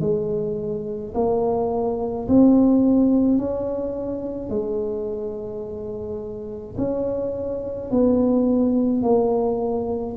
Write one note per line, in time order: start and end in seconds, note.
0.00 1.13 G#3
1.14 2.27 A#3
2.27 3.38 C4
3.38 4.49 C#4
4.49 6.76 G#3
6.77 7.90 C#4
7.90 9.02 B3
9.02 10.15 A#3